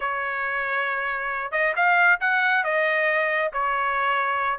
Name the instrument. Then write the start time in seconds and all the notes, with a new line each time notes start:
trumpet
0.00 C#5
1.51 D#5
1.75 F5
2.20 F#5
2.64 D#5
3.52 C#5